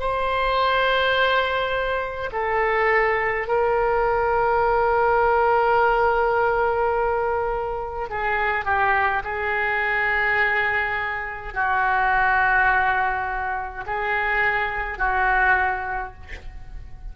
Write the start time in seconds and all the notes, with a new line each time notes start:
0.00 C5
2.32 A4
3.48 A#4
8.10 G#4
8.65 G4
9.24 G#4
11.54 F#4
13.87 G#4
14.98 F#4